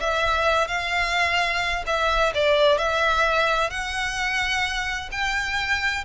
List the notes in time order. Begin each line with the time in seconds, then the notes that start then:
0.00 E5
0.68 F5
1.87 E5
2.34 D5
2.78 E5
3.70 F#5
5.12 G5